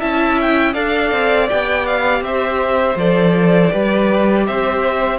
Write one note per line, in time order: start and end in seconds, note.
0.00 0.75 C#4
0.00 0.74 E4
0.00 0.74 E5
0.00 0.39 A5
0.41 0.74 G5
0.74 1.12 D4
0.74 1.48 A4
0.74 2.22 D5
0.74 1.48 F5
1.12 1.49 C4
1.49 2.22 B3
1.49 2.97 G4
1.49 1.86 G5
1.86 2.23 F5
2.22 2.96 C4
2.22 3.72 C5
2.22 2.98 E5
2.96 3.70 F3
2.96 3.71 A4
2.96 4.47 D5
3.71 4.48 G3
3.71 5.19 G4
3.71 4.46 B4
4.47 5.19 C4
4.47 5.19 C5
4.47 5.19 E5